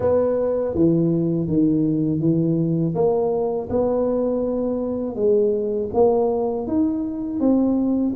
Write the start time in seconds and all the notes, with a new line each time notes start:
0.00 B3
0.74 E3
1.47 D#3
2.20 E3
2.94 A#3
3.69 B3
5.15 G#3
5.93 A#3
6.67 D#4
7.40 C4